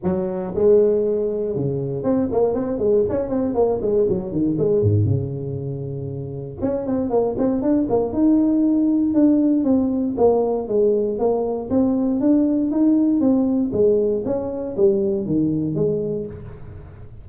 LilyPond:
\new Staff \with { instrumentName = "tuba" } { \time 4/4 \tempo 4 = 118 fis4 gis2 cis4 | c'8 ais8 c'8 gis8 cis'8 c'8 ais8 gis8 | fis8 dis8 gis8 gis,8 cis2~ | cis4 cis'8 c'8 ais8 c'8 d'8 ais8 |
dis'2 d'4 c'4 | ais4 gis4 ais4 c'4 | d'4 dis'4 c'4 gis4 | cis'4 g4 dis4 gis4 | }